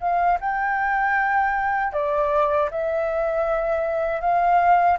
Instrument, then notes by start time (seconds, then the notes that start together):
flute
0.00 F5
0.41 G5
1.93 D5
2.71 E5
4.21 F5